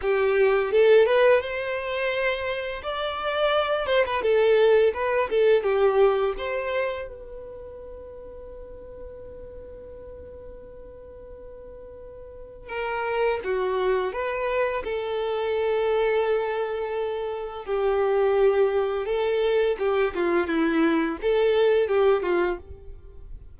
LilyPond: \new Staff \with { instrumentName = "violin" } { \time 4/4 \tempo 4 = 85 g'4 a'8 b'8 c''2 | d''4. c''16 b'16 a'4 b'8 a'8 | g'4 c''4 b'2~ | b'1~ |
b'2 ais'4 fis'4 | b'4 a'2.~ | a'4 g'2 a'4 | g'8 f'8 e'4 a'4 g'8 f'8 | }